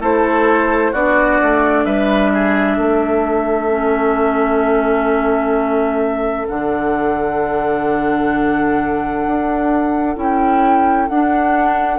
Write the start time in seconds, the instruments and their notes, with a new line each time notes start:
0.00 bassoon A3, clarinet E4, oboe A4, flute C5
0.92 bassoon B3, clarinet D4, oboe F#4, flute D5
1.42 bassoon A3
1.85 bassoon G3, oboe B4, flute E5
2.33 oboe G#4
2.77 bassoon A3, oboe A4
3.70 clarinet C#4
6.48 bassoon D3, clarinet D4, flute F#5
9.27 bassoon D4
10.16 bassoon C#4, clarinet E4, flute G5
11.08 bassoon D4, clarinet D4, flute F#5